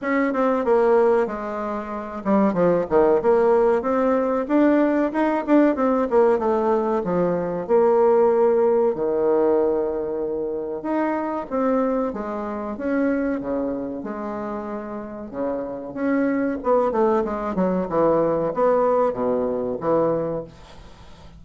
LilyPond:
\new Staff \with { instrumentName = "bassoon" } { \time 4/4 \tempo 4 = 94 cis'8 c'8 ais4 gis4. g8 | f8 dis8 ais4 c'4 d'4 | dis'8 d'8 c'8 ais8 a4 f4 | ais2 dis2~ |
dis4 dis'4 c'4 gis4 | cis'4 cis4 gis2 | cis4 cis'4 b8 a8 gis8 fis8 | e4 b4 b,4 e4 | }